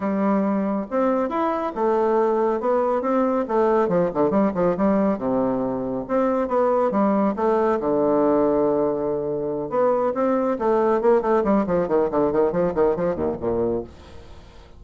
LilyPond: \new Staff \with { instrumentName = "bassoon" } { \time 4/4 \tempo 4 = 139 g2 c'4 e'4 | a2 b4 c'4 | a4 f8 d8 g8 f8 g4 | c2 c'4 b4 |
g4 a4 d2~ | d2~ d8 b4 c'8~ | c'8 a4 ais8 a8 g8 f8 dis8 | d8 dis8 f8 dis8 f8 dis,8 ais,4 | }